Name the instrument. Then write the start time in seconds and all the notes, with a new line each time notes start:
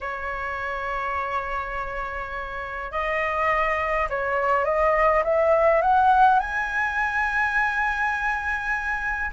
flute
0.00 C#5
2.91 D#5
4.09 C#5
4.64 D#5
5.23 E5
5.81 F#5
6.39 G#5